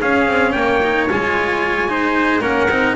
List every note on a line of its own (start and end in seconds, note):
0.00 0.81 C#4
0.00 0.27 C#4
0.00 0.54 G#4
0.00 0.52 F5
0.27 0.54 C4
0.52 1.09 A#3
0.52 1.90 C#5
0.52 1.06 G5
0.82 1.09 D#4
1.10 2.41 G#3
1.10 1.88 F4
1.10 2.42 G#5
1.88 2.41 D#4
1.88 2.41 C5
2.41 2.68 A#3
2.41 2.68 C#4
2.41 2.95 A#4
2.41 2.95 F#5
2.69 2.95 C4
2.69 2.96 D#4